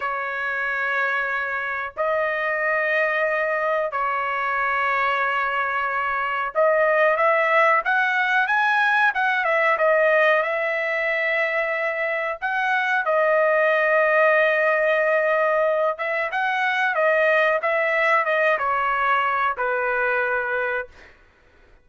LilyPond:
\new Staff \with { instrumentName = "trumpet" } { \time 4/4 \tempo 4 = 92 cis''2. dis''4~ | dis''2 cis''2~ | cis''2 dis''4 e''4 | fis''4 gis''4 fis''8 e''8 dis''4 |
e''2. fis''4 | dis''1~ | dis''8 e''8 fis''4 dis''4 e''4 | dis''8 cis''4. b'2 | }